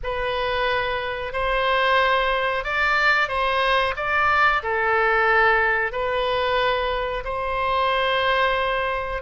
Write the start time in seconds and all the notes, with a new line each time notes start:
0.03 B4
1.32 C5
2.64 D5
3.28 C5
3.96 D5
4.62 A4
5.92 B4
7.24 C5